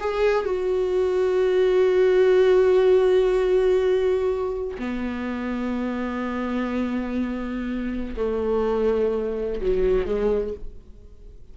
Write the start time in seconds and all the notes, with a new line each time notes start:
0.00 G#4
0.45 F#4
4.79 B3
8.17 A3
9.61 F#3
10.06 G#3